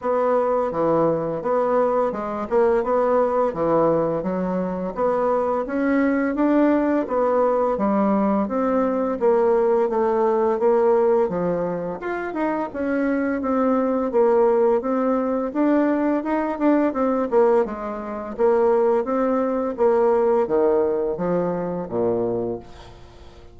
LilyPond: \new Staff \with { instrumentName = "bassoon" } { \time 4/4 \tempo 4 = 85 b4 e4 b4 gis8 ais8 | b4 e4 fis4 b4 | cis'4 d'4 b4 g4 | c'4 ais4 a4 ais4 |
f4 f'8 dis'8 cis'4 c'4 | ais4 c'4 d'4 dis'8 d'8 | c'8 ais8 gis4 ais4 c'4 | ais4 dis4 f4 ais,4 | }